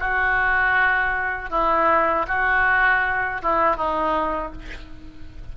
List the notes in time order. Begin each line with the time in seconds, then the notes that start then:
0.00 F#4
1.50 E4
2.28 F#4
3.42 E4
3.77 D#4